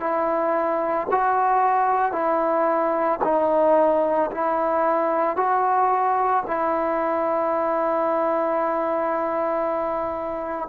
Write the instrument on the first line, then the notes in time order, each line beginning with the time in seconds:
trombone
0.00 E4
1.11 F#4
2.12 E4
3.23 D#4
4.31 E4
5.36 F#4
6.46 E4